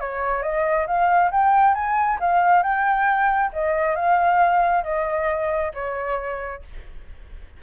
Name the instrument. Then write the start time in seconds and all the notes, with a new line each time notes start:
flute
0.00 C#5
0.42 D#5
0.87 F5
1.31 G5
1.74 G#5
2.20 F5
2.63 G5
3.53 D#5
3.96 F5
4.84 D#5
5.74 C#5